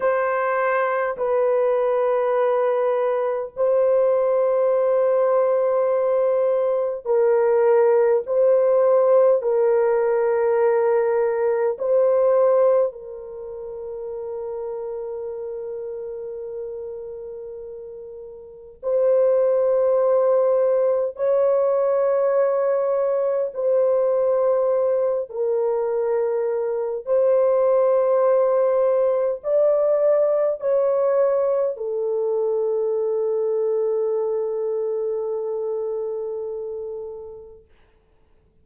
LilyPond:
\new Staff \with { instrumentName = "horn" } { \time 4/4 \tempo 4 = 51 c''4 b'2 c''4~ | c''2 ais'4 c''4 | ais'2 c''4 ais'4~ | ais'1 |
c''2 cis''2 | c''4. ais'4. c''4~ | c''4 d''4 cis''4 a'4~ | a'1 | }